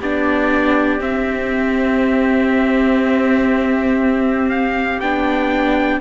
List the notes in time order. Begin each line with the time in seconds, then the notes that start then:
0.00 B3 D4 G4 D5
0.99 C4 E5
4.50 F5
5.00 B3 D4 G5